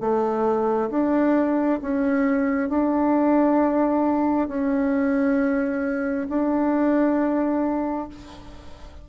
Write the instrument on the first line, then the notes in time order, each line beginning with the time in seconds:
bassoon
0.00 A3
0.90 D4
1.82 C#4
2.69 D4
4.48 C#4
6.29 D4